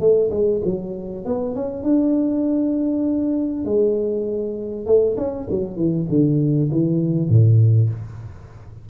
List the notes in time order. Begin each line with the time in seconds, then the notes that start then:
0.00 A3
0.31 G#3
0.64 F#3
1.25 B3
1.55 C#4
1.83 D4
3.65 G#3
4.86 A3
5.17 C#4
5.50 F#3
5.76 E3
6.09 D3
6.71 E3
7.29 A2